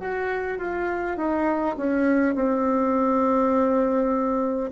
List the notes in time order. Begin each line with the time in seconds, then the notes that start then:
0.00 F#4
0.58 F4
1.17 D#4
1.76 C#4
2.35 C4